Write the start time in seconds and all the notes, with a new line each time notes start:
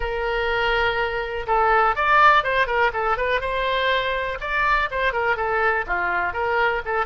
0.00 A#4
1.46 A4
1.95 D5
2.43 C5
2.66 A#4
2.93 A4
3.17 B4
3.40 C5
4.40 D5
4.90 C5
5.12 A#4
5.36 A4
5.86 F4
6.33 A#4
6.85 A4